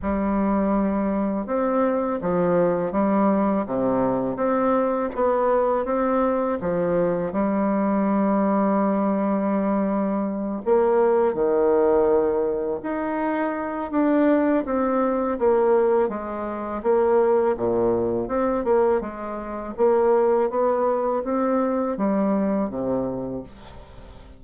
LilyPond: \new Staff \with { instrumentName = "bassoon" } { \time 4/4 \tempo 4 = 82 g2 c'4 f4 | g4 c4 c'4 b4 | c'4 f4 g2~ | g2~ g8 ais4 dis8~ |
dis4. dis'4. d'4 | c'4 ais4 gis4 ais4 | ais,4 c'8 ais8 gis4 ais4 | b4 c'4 g4 c4 | }